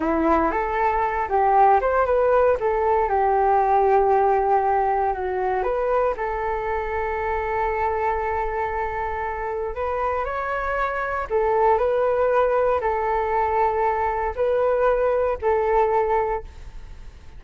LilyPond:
\new Staff \with { instrumentName = "flute" } { \time 4/4 \tempo 4 = 117 e'4 a'4. g'4 c''8 | b'4 a'4 g'2~ | g'2 fis'4 b'4 | a'1~ |
a'2. b'4 | cis''2 a'4 b'4~ | b'4 a'2. | b'2 a'2 | }